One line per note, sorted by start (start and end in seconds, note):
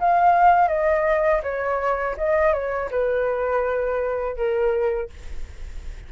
0.00 0.68 F5
0.68 1.41 D#5
1.43 2.16 C#5
2.17 2.53 D#5
2.53 2.90 C#5
2.91 4.36 B4
4.36 5.10 A#4